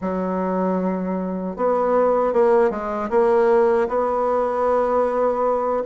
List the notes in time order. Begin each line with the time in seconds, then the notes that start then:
0.01 F#3
1.56 B3
2.33 A#3
2.70 G#3
3.10 A#3
3.88 B3